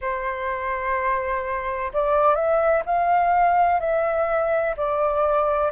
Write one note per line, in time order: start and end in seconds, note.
0.01 1.91 C5
1.93 2.35 D5
2.35 2.82 E5
2.85 3.80 F5
3.80 4.75 E5
4.76 5.71 D5